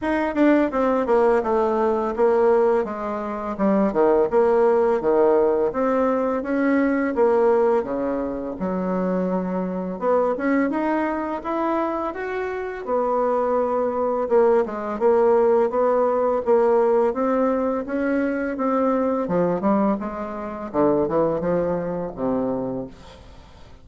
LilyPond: \new Staff \with { instrumentName = "bassoon" } { \time 4/4 \tempo 4 = 84 dis'8 d'8 c'8 ais8 a4 ais4 | gis4 g8 dis8 ais4 dis4 | c'4 cis'4 ais4 cis4 | fis2 b8 cis'8 dis'4 |
e'4 fis'4 b2 | ais8 gis8 ais4 b4 ais4 | c'4 cis'4 c'4 f8 g8 | gis4 d8 e8 f4 c4 | }